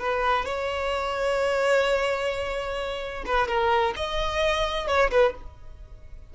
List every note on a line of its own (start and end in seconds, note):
0.00 0.46 B4
0.46 3.25 C#5
3.26 3.48 B4
3.48 3.95 A#4
3.97 4.88 D#5
4.88 5.11 C#5
5.12 5.35 B4